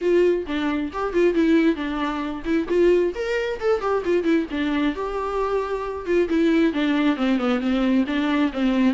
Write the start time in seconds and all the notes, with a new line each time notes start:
0.01 F4
0.46 D4
0.92 G4
1.13 F4
1.34 E4
1.75 D4
2.45 E4
2.68 F4
3.14 A#4
3.59 A4
3.81 G4
4.04 F4
4.23 E4
4.51 D4
4.95 G4
6.05 F4
6.28 E4
6.73 D4
7.16 C4
7.38 B3
7.60 C4
8.07 D4
8.52 C4